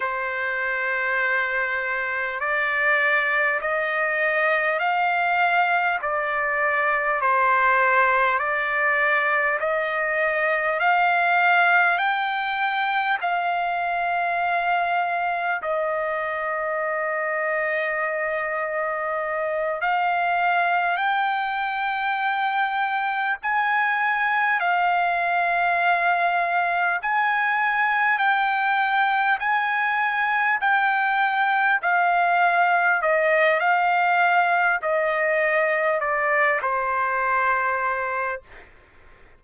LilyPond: \new Staff \with { instrumentName = "trumpet" } { \time 4/4 \tempo 4 = 50 c''2 d''4 dis''4 | f''4 d''4 c''4 d''4 | dis''4 f''4 g''4 f''4~ | f''4 dis''2.~ |
dis''8 f''4 g''2 gis''8~ | gis''8 f''2 gis''4 g''8~ | g''8 gis''4 g''4 f''4 dis''8 | f''4 dis''4 d''8 c''4. | }